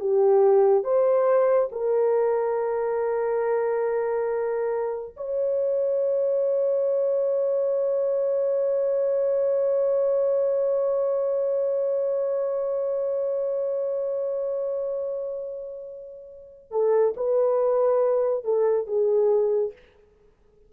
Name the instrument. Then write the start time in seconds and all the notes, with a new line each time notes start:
horn
0.00 G4
0.84 C5
1.72 A#4
5.17 C#5
16.71 A4
17.17 B4
18.44 A4
18.87 G#4